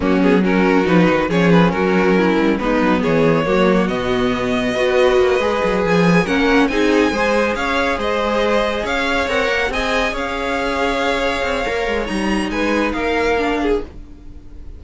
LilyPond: <<
  \new Staff \with { instrumentName = "violin" } { \time 4/4 \tempo 4 = 139 fis'8 gis'8 ais'4 b'4 cis''8 b'8 | ais'2 b'4 cis''4~ | cis''4 dis''2.~ | dis''4. gis''4 fis''4 gis''8~ |
gis''4. f''4 dis''4.~ | dis''8 f''4 fis''4 gis''4 f''8~ | f''1 | ais''4 gis''4 f''2 | }
  \new Staff \with { instrumentName = "violin" } { \time 4/4 cis'4 fis'2 gis'4 | fis'4 e'4 dis'4 gis'4 | fis'2. b'4~ | b'2~ b'8 ais'4 gis'8~ |
gis'8 c''4 cis''4 c''4.~ | c''8 cis''2 dis''4 cis''8~ | cis''1~ | cis''4 b'4 ais'4. gis'8 | }
  \new Staff \with { instrumentName = "viola" } { \time 4/4 ais8 b8 cis'4 dis'4 cis'4~ | cis'2 b2 | ais4 b2 fis'4~ | fis'8 gis'2 cis'4 dis'8~ |
dis'8 gis'2.~ gis'8~ | gis'4. ais'4 gis'4.~ | gis'2. ais'4 | dis'2. d'4 | }
  \new Staff \with { instrumentName = "cello" } { \time 4/4 fis2 f8 dis8 f4 | fis4. g8 gis8 fis8 e4 | fis4 b,2 b4 | ais8 gis8 fis8 f4 ais4 c'8~ |
c'8 gis4 cis'4 gis4.~ | gis8 cis'4 c'8 ais8 c'4 cis'8~ | cis'2~ cis'8 c'8 ais8 gis8 | g4 gis4 ais2 | }
>>